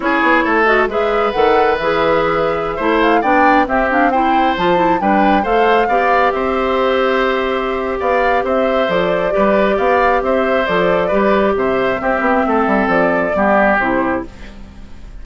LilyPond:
<<
  \new Staff \with { instrumentName = "flute" } { \time 4/4 \tempo 4 = 135 cis''4. dis''8 e''4 fis''4 | e''2~ e''8. f''8 g''8.~ | g''16 e''8 f''8 g''4 a''4 g''8.~ | g''16 f''2 e''4.~ e''16~ |
e''2 f''4 e''4 | d''2 f''4 e''4 | d''2 e''2~ | e''4 d''2 c''4 | }
  \new Staff \with { instrumentName = "oboe" } { \time 4/4 gis'4 a'4 b'2~ | b'2~ b'16 c''4 d''8.~ | d''16 g'4 c''2 b'8.~ | b'16 c''4 d''4 c''4.~ c''16~ |
c''2 d''4 c''4~ | c''4 b'4 d''4 c''4~ | c''4 b'4 c''4 g'4 | a'2 g'2 | }
  \new Staff \with { instrumentName = "clarinet" } { \time 4/4 e'4. fis'8 gis'4 a'4 | gis'2~ gis'16 e'4 d'8.~ | d'16 c'8 d'8 e'4 f'8 e'8 d'8.~ | d'16 a'4 g'2~ g'8.~ |
g'1 | a'4 g'2. | a'4 g'2 c'4~ | c'2 b4 e'4 | }
  \new Staff \with { instrumentName = "bassoon" } { \time 4/4 cis'8 b8 a4 gis4 dis4 | e2~ e16 a4 b8.~ | b16 c'2 f4 g8.~ | g16 a4 b4 c'4.~ c'16~ |
c'2 b4 c'4 | f4 g4 b4 c'4 | f4 g4 c4 c'8 b8 | a8 g8 f4 g4 c4 | }
>>